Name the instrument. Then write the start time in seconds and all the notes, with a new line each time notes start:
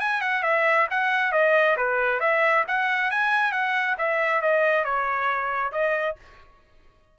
trumpet
0.00 G#5
0.21 F#5
0.43 E5
0.90 F#5
1.32 D#5
1.77 B4
2.20 E5
2.68 F#5
3.11 G#5
3.52 F#5
3.98 E5
4.42 D#5
4.84 C#5
5.72 D#5